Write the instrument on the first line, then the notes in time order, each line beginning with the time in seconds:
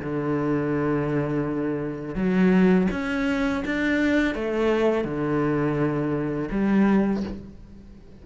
cello
0.00 D3
2.15 F#3
2.91 C#4
3.65 D4
4.34 A3
5.04 D3
6.51 G3